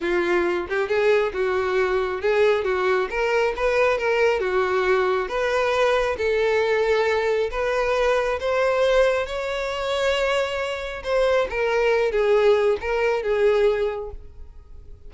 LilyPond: \new Staff \with { instrumentName = "violin" } { \time 4/4 \tempo 4 = 136 f'4. g'8 gis'4 fis'4~ | fis'4 gis'4 fis'4 ais'4 | b'4 ais'4 fis'2 | b'2 a'2~ |
a'4 b'2 c''4~ | c''4 cis''2.~ | cis''4 c''4 ais'4. gis'8~ | gis'4 ais'4 gis'2 | }